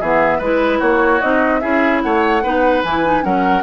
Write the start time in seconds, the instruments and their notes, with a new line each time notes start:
0.00 bassoon E3, clarinet B3, oboe G#4, flute E5
0.38 bassoon G#3, clarinet E4, oboe B4, flute B4
0.79 bassoon A#3, oboe F#4, flute C#5
1.21 bassoon C4, clarinet D#4, flute D#5
1.60 bassoon C#4, clarinet E4, oboe G#4, flute E5
2.02 bassoon A3, oboe C#5, flute F#5
2.43 bassoon B3, clarinet D#4, oboe B4
2.84 bassoon E3, clarinet E4, flute G#5
3.04 clarinet D#4
3.22 bassoon F#3, clarinet C#4, oboe A#4, flute F#5